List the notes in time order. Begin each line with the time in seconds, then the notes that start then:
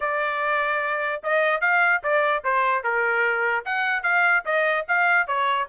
0.00 D5
1.23 D#5
1.60 F5
2.03 D5
2.43 C5
2.83 A#4
3.65 F#5
4.02 F5
4.45 D#5
4.88 F5
5.27 C#5